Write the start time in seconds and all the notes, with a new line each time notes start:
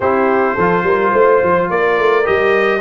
0.00 C4 E4 G4 C5
0.54 F3 F4 A4
0.83 G3 A#4
1.12 A3 C5
1.42 F3
1.69 A#3 A#4 D5
1.98 A3
2.24 G3 G4 D#5